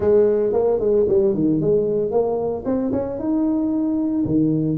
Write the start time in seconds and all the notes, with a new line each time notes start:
0.00 G#3
0.53 A#3
0.79 G#3
1.08 G3
1.34 D#3
1.60 G#3
2.11 A#3
2.65 C4
2.92 C#4
3.18 D#4
4.25 D#3